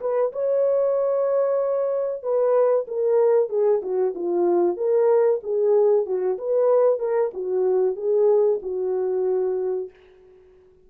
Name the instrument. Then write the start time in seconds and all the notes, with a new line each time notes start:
horn
0.00 B4
0.32 C#5
2.23 B4
2.88 A#4
3.49 G#4
3.82 F#4
4.15 F4
4.77 A#4
5.43 G#4
6.06 F#4
6.38 B4
6.99 A#4
7.33 F#4
7.96 G#4
8.62 F#4